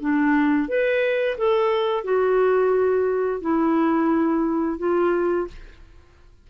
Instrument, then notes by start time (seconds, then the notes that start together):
clarinet
0.00 D4
0.68 B4
1.37 A4
2.04 F#4
3.41 E4
4.78 F4